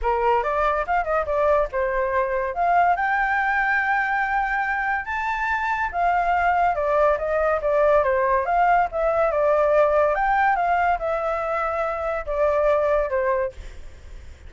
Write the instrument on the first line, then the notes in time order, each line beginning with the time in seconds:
flute
0.01 A#4
0.43 D5
0.86 F5
1.04 D#5
1.26 D5
1.72 C5
2.54 F5
2.96 G5
5.05 A5
5.92 F5
6.75 D5
7.18 D#5
7.61 D5
8.03 C5
8.45 F5
8.91 E5
9.31 D5
10.14 G5
10.55 F5
10.99 E5
12.26 D5
13.09 C5